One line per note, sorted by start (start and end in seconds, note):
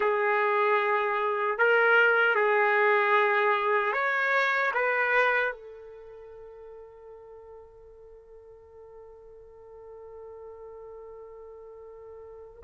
0.00 1.58 G#4
1.58 2.35 A#4
2.35 3.93 G#4
3.93 4.72 C#5
4.74 5.52 B4
5.52 12.62 A4